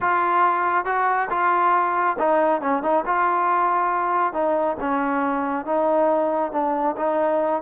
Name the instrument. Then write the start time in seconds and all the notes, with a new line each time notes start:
trombone
0.00 F4
0.85 F#4
1.30 F4
2.19 D#4
2.61 C#4
2.82 D#4
3.05 F4
4.33 D#4
4.80 C#4
5.65 D#4
6.52 D4
6.96 D#4